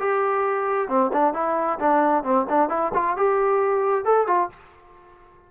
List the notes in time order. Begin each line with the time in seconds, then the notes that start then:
0.00 G4
0.89 C4
1.13 D4
1.34 E4
1.80 D4
2.24 C4
2.50 D4
2.70 E4
2.95 F4
3.17 G4
4.05 A4
4.28 F4